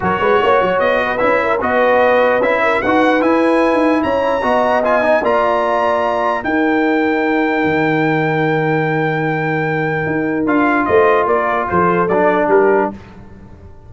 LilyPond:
<<
  \new Staff \with { instrumentName = "trumpet" } { \time 4/4 \tempo 4 = 149 cis''2 dis''4 e''4 | dis''2 e''4 fis''4 | gis''2 ais''2 | gis''4 ais''2. |
g''1~ | g''1~ | g''2 f''4 dis''4 | d''4 c''4 d''4 ais'4 | }
  \new Staff \with { instrumentName = "horn" } { \time 4/4 ais'8 b'8 cis''4. b'4 ais'8 | b'2~ b'8 ais'8 b'4~ | b'2 cis''4 dis''4~ | dis''4 d''2. |
ais'1~ | ais'1~ | ais'2. c''4 | ais'4 a'2 g'4 | }
  \new Staff \with { instrumentName = "trombone" } { \time 4/4 fis'2. e'4 | fis'2 e'4 fis'4 | e'2. fis'4 | f'8 dis'8 f'2. |
dis'1~ | dis'1~ | dis'2 f'2~ | f'2 d'2 | }
  \new Staff \with { instrumentName = "tuba" } { \time 4/4 fis8 gis8 ais8 fis8 b4 cis'4 | b2 cis'4 dis'4 | e'4~ e'16 dis'8. cis'4 b4~ | b4 ais2. |
dis'2. dis4~ | dis1~ | dis4 dis'4 d'4 a4 | ais4 f4 fis4 g4 | }
>>